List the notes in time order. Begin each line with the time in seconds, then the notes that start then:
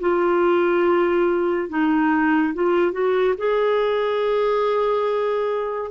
0.00 F4
1.69 D#4
2.54 F4
2.92 F#4
3.38 G#4